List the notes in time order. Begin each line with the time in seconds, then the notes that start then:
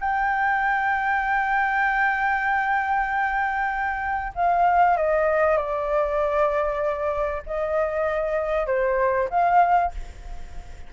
0.00 G5
4.35 F5
4.97 D#5
5.57 D5
7.46 D#5
8.67 C5
9.30 F5